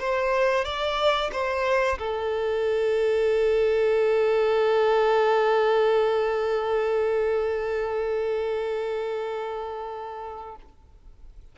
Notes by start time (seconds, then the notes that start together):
0.00 C5
0.65 D5
1.32 C5
1.98 A4